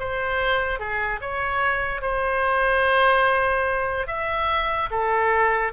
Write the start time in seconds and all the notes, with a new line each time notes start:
0.00 C5
0.80 G#4
1.21 C#5
2.02 C5
4.08 E5
4.91 A4